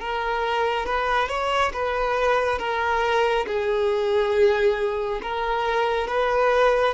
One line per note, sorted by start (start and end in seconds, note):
0.00 0.86 A#4
0.86 1.29 B4
1.29 1.72 C#5
1.74 2.59 B4
2.59 3.46 A#4
3.47 5.21 G#4
5.23 6.08 A#4
6.08 6.94 B4